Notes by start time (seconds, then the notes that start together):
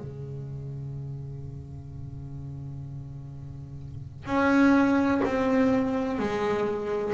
0.00 C#3
4.26 C#4
5.25 C4
6.19 G#3